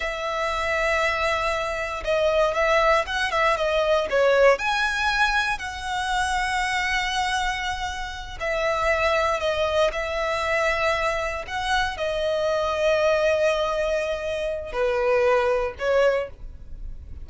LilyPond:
\new Staff \with { instrumentName = "violin" } { \time 4/4 \tempo 4 = 118 e''1 | dis''4 e''4 fis''8 e''8 dis''4 | cis''4 gis''2 fis''4~ | fis''1~ |
fis''8 e''2 dis''4 e''8~ | e''2~ e''8 fis''4 dis''8~ | dis''1~ | dis''4 b'2 cis''4 | }